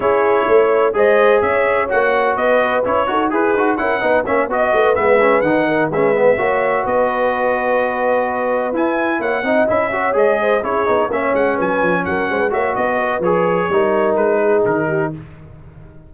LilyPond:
<<
  \new Staff \with { instrumentName = "trumpet" } { \time 4/4 \tempo 4 = 127 cis''2 dis''4 e''4 | fis''4 dis''4 cis''4 b'4 | fis''4 e''8 dis''4 e''4 fis''8~ | fis''8 e''2 dis''4.~ |
dis''2~ dis''8 gis''4 fis''8~ | fis''8 e''4 dis''4 cis''4 e''8 | fis''8 gis''4 fis''4 e''8 dis''4 | cis''2 b'4 ais'4 | }
  \new Staff \with { instrumentName = "horn" } { \time 4/4 gis'4 cis''4 c''4 cis''4~ | cis''4 b'4. a'8 gis'4 | ais'8 b'8 cis''8 dis''8 b'2 | ais'8 b'4 cis''4 b'4.~ |
b'2.~ b'8 cis''8 | dis''4 cis''4 c''8 gis'4 cis''8~ | cis''8 b'4 ais'8 c''16 b'16 cis''8 dis''8 b'8~ | b'4 ais'4. gis'4 g'8 | }
  \new Staff \with { instrumentName = "trombone" } { \time 4/4 e'2 gis'2 | fis'2 e'8 fis'8 gis'8 fis'8 | e'8 dis'8 cis'8 fis'4 b8 cis'8 dis'8~ | dis'8 cis'8 b8 fis'2~ fis'8~ |
fis'2~ fis'8 e'4. | dis'8 e'8 fis'8 gis'4 e'8 dis'8 cis'8~ | cis'2~ cis'8 fis'4. | gis'4 dis'2. | }
  \new Staff \with { instrumentName = "tuba" } { \time 4/4 cis'4 a4 gis4 cis'4 | ais4 b4 cis'8 dis'8 e'8 dis'8 | cis'8 b8 ais8 b8 a8 gis4 dis8~ | dis8 gis4 ais4 b4.~ |
b2~ b8 e'4 ais8 | c'8 cis'4 gis4 cis'8 b8 ais8 | gis8 fis8 f8 fis8 gis8 ais8 b4 | f4 g4 gis4 dis4 | }
>>